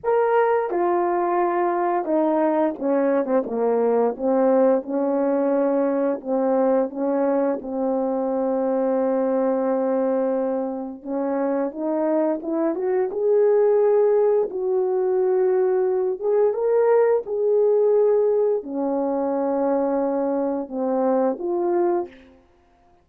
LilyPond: \new Staff \with { instrumentName = "horn" } { \time 4/4 \tempo 4 = 87 ais'4 f'2 dis'4 | cis'8. c'16 ais4 c'4 cis'4~ | cis'4 c'4 cis'4 c'4~ | c'1 |
cis'4 dis'4 e'8 fis'8 gis'4~ | gis'4 fis'2~ fis'8 gis'8 | ais'4 gis'2 cis'4~ | cis'2 c'4 f'4 | }